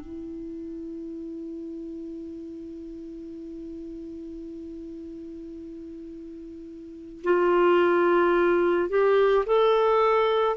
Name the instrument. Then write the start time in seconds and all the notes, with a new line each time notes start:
clarinet
0.00 E4
7.24 F4
8.89 G4
9.46 A4